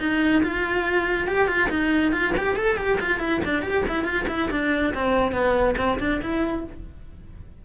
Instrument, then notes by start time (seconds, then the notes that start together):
cello
0.00 D#4
0.43 F4
1.28 G4
1.48 F4
1.70 D#4
2.13 F4
2.38 G4
2.57 A4
2.78 G4
3.01 F4
3.20 E4
3.45 D4
3.63 G4
3.89 E4
4.05 F4
4.29 E4
4.51 D4
4.95 C4
5.32 B3
5.78 C4
6.00 D4
6.22 E4